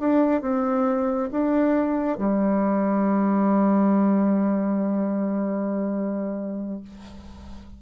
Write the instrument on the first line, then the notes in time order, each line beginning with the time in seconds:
bassoon
0.00 D4
0.41 C4
1.32 D4
2.18 G3